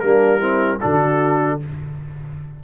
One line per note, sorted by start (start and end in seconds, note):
0.00 0.81 G3
0.00 0.40 A#3
0.00 0.38 D4
0.00 0.79 A#4
0.38 0.79 C4
0.38 0.78 E4
0.80 1.64 D3
0.80 1.60 D4
0.80 1.59 F#4
0.80 1.59 A4